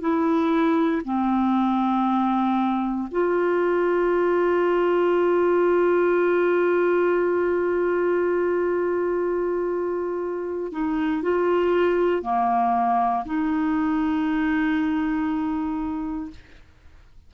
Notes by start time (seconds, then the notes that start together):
0.00 E4
1.05 C4
3.11 F4
10.71 D#4
11.22 F4
12.22 A#3
13.25 D#4